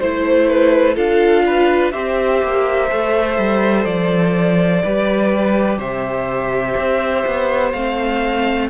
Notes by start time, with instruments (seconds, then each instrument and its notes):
0.00 cello A3, viola E4, violin C5
0.48 violin B4
0.95 cello D4, viola F4, violin A4 F5
1.46 violin B4
1.92 cello C4, viola G4, violin C5 E5
2.43 cello A#3
2.90 cello A3, viola A4
3.38 cello G3
3.85 cello F3, violin D5
4.84 cello G3, viola G4, violin B4
5.78 cello C3, violin C5 E5
6.76 cello C4
7.26 cello B3
7.72 cello A3, viola C4, violin F5